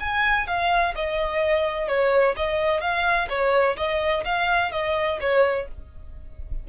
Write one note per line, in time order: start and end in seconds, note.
0.00 0.47 G#5
0.47 0.94 F5
0.95 1.88 D#5
1.88 2.35 C#5
2.36 2.81 D#5
2.81 3.28 F5
3.29 3.76 C#5
3.76 4.24 D#5
4.25 4.72 F5
4.72 5.19 D#5
5.20 5.68 C#5